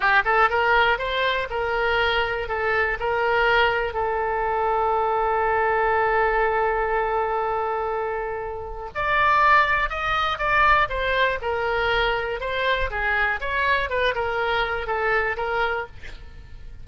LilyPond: \new Staff \with { instrumentName = "oboe" } { \time 4/4 \tempo 4 = 121 g'8 a'8 ais'4 c''4 ais'4~ | ais'4 a'4 ais'2 | a'1~ | a'1~ |
a'2 d''2 | dis''4 d''4 c''4 ais'4~ | ais'4 c''4 gis'4 cis''4 | b'8 ais'4. a'4 ais'4 | }